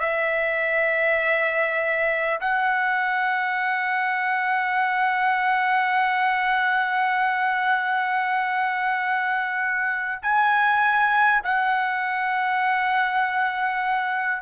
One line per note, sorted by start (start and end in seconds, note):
0.00 2.40 E5
2.41 10.21 F#5
10.22 11.42 G#5
11.44 14.42 F#5